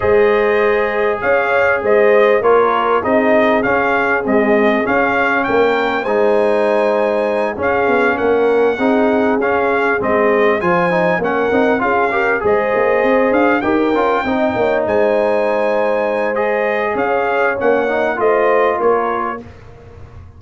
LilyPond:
<<
  \new Staff \with { instrumentName = "trumpet" } { \time 4/4 \tempo 4 = 99 dis''2 f''4 dis''4 | cis''4 dis''4 f''4 dis''4 | f''4 g''4 gis''2~ | gis''8 f''4 fis''2 f''8~ |
f''8 dis''4 gis''4 fis''4 f''8~ | f''8 dis''4. f''8 g''4.~ | g''8 gis''2~ gis''8 dis''4 | f''4 fis''4 dis''4 cis''4 | }
  \new Staff \with { instrumentName = "horn" } { \time 4/4 c''2 cis''4 c''4 | ais'4 gis'2.~ | gis'4 ais'4 c''2~ | c''8 gis'4 ais'4 gis'4.~ |
gis'4. c''4 ais'4 gis'8 | ais'8 c''2 ais'4 dis''8 | cis''8 c''2.~ c''8 | cis''2 c''4 ais'4 | }
  \new Staff \with { instrumentName = "trombone" } { \time 4/4 gis'1 | f'4 dis'4 cis'4 gis4 | cis'2 dis'2~ | dis'8 cis'2 dis'4 cis'8~ |
cis'8 c'4 f'8 dis'8 cis'8 dis'8 f'8 | g'8 gis'2 g'8 f'8 dis'8~ | dis'2. gis'4~ | gis'4 cis'8 dis'8 f'2 | }
  \new Staff \with { instrumentName = "tuba" } { \time 4/4 gis2 cis'4 gis4 | ais4 c'4 cis'4 c'4 | cis'4 ais4 gis2~ | gis8 cis'8 b8 ais4 c'4 cis'8~ |
cis'8 gis4 f4 ais8 c'8 cis'8~ | cis'8 gis8 ais8 c'8 d'8 dis'8 cis'8 c'8 | ais8 gis2.~ gis8 | cis'4 ais4 a4 ais4 | }
>>